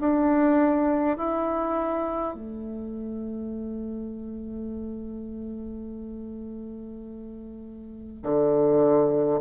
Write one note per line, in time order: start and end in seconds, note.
0.00 1.17 D4
1.17 2.34 E4
2.34 8.22 A3
8.22 9.40 D3